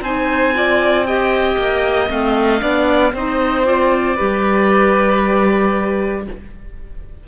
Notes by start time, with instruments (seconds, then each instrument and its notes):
0.00 cello C4, clarinet D#4, violin C5, oboe G#5
0.53 clarinet F4, violin D5
1.06 clarinet G4, violin D#5, oboe G5
1.57 cello A#3
2.08 cello A3, clarinet C4, oboe F5
2.59 cello B3, clarinet D4, violin D5
3.13 cello C4, clarinet D#4, violin C5, oboe D#5
3.64 clarinet F4, oboe D5
4.16 cello G3, clarinet G4, violin B4